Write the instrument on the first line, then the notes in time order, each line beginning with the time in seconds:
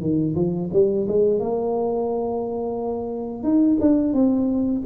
tuba
0.00 D#3
0.35 F3
0.73 G3
1.08 G#3
1.40 A#3
3.43 D#4
3.81 D4
4.13 C4